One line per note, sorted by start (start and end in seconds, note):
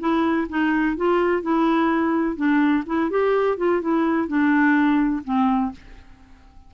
0.00 0.48 E4
0.49 0.97 D#4
0.97 1.43 F4
1.43 2.37 E4
2.37 2.84 D4
2.87 3.10 E4
3.10 3.58 G4
3.58 3.81 F4
3.81 4.28 E4
4.28 5.23 D4
5.24 5.72 C4